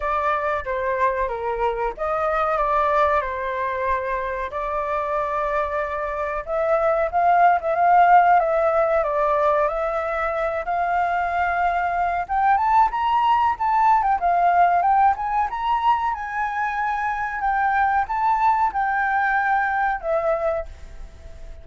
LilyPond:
\new Staff \with { instrumentName = "flute" } { \time 4/4 \tempo 4 = 93 d''4 c''4 ais'4 dis''4 | d''4 c''2 d''4~ | d''2 e''4 f''8. e''16 | f''4 e''4 d''4 e''4~ |
e''8 f''2~ f''8 g''8 a''8 | ais''4 a''8. g''16 f''4 g''8 gis''8 | ais''4 gis''2 g''4 | a''4 g''2 e''4 | }